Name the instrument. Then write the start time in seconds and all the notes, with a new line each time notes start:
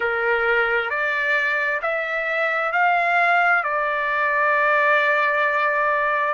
trumpet
0.00 A#4
0.90 D5
1.81 E5
2.72 F5
3.63 D5